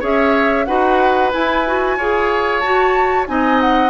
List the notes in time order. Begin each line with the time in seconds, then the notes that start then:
0.00 C#4 G#4 C#5 E5
0.65 D#4 F#4 B4 F#5
1.32 E4 G#5
1.66 F#4
1.97 F4 G#4 C#5
2.60 F#4 A5
2.66 F#4
3.26 C4 D#4 D#5 G#5
3.61 F#5